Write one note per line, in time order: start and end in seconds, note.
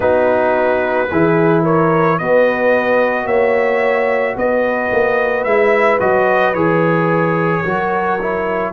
0.00 1.08 B3
0.00 1.07 D#4
0.00 1.09 F#4
0.00 1.64 B4
1.10 2.20 E3
1.10 2.21 E4
1.10 1.63 G#4
1.63 2.17 A#4
1.63 2.18 C#5
2.18 3.26 B3
2.18 5.47 F#4
2.18 3.25 B4
2.18 3.27 D#5
3.25 4.35 A#3
3.25 4.35 C#5
3.25 4.36 E5
4.36 4.91 B3
4.36 7.64 B4
4.36 5.43 D#5
4.92 5.45 A#3
5.43 6.00 G#3
5.43 6.00 E4
5.43 5.98 E5
6.00 6.53 F#3
6.00 6.54 F#4
6.00 6.54 D#5
6.53 7.62 E3
6.53 7.64 G#4
6.53 8.72 C#5
7.64 8.72 F#3
7.64 8.19 F#4
7.64 8.72 A#4
8.21 8.72 E4